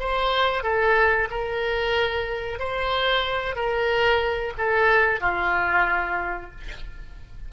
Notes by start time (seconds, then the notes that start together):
0.00 C5
0.64 A4
1.31 A#4
2.60 C5
3.56 A#4
4.58 A4
5.21 F4